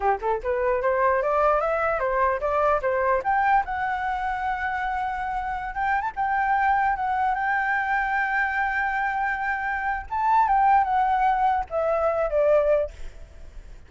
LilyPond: \new Staff \with { instrumentName = "flute" } { \time 4/4 \tempo 4 = 149 g'8 a'8 b'4 c''4 d''4 | e''4 c''4 d''4 c''4 | g''4 fis''2.~ | fis''2~ fis''16 g''8. a''16 g''8.~ |
g''4~ g''16 fis''4 g''4.~ g''16~ | g''1~ | g''4 a''4 g''4 fis''4~ | fis''4 e''4. d''4. | }